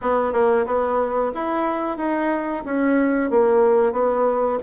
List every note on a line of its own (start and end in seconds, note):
0.01 0.32 B3
0.32 0.65 A#3
0.66 1.32 B3
1.34 1.97 E4
1.97 2.63 D#4
2.65 3.30 C#4
3.30 3.92 A#3
3.92 4.58 B3